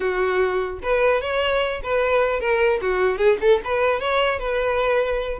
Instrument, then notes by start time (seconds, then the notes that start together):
violin
0.00 F#4
0.82 B4
1.21 C#5
1.83 B4
2.40 A#4
2.81 F#4
3.17 G#4
3.41 A4
3.64 B4
3.99 C#5
4.39 B4